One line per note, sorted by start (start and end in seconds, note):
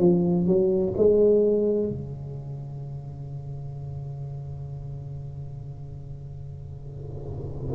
0.00 0.47 F3
0.47 0.94 F#3
0.98 1.90 G#3
1.90 7.75 C#3